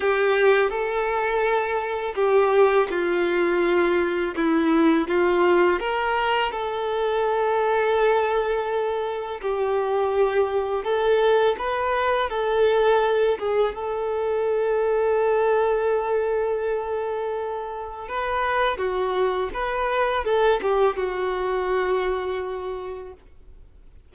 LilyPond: \new Staff \with { instrumentName = "violin" } { \time 4/4 \tempo 4 = 83 g'4 a'2 g'4 | f'2 e'4 f'4 | ais'4 a'2.~ | a'4 g'2 a'4 |
b'4 a'4. gis'8 a'4~ | a'1~ | a'4 b'4 fis'4 b'4 | a'8 g'8 fis'2. | }